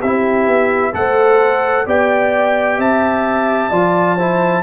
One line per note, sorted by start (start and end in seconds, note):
0.00 0.48 C4
0.00 0.93 E4
0.00 0.92 G4
0.00 0.94 E5
0.48 0.94 B3
0.93 1.87 A3
0.93 1.86 A4
0.93 1.87 C5
0.93 1.87 F#5
1.86 2.79 B3
1.86 3.71 G4
1.86 2.78 D5
1.86 2.81 G5
2.78 3.71 C4
2.78 3.70 E5
2.78 4.63 A5
3.70 4.63 F3
3.70 4.18 F4
3.70 4.16 D5
4.16 4.63 E4
4.16 4.62 C5